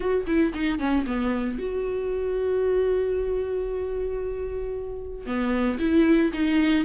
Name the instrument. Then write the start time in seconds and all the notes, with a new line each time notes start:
viola
0.00 F#4
0.26 E4
0.54 D#4
0.79 C#4
1.06 B3
1.58 F#4
5.26 B3
5.79 E4
6.33 D#4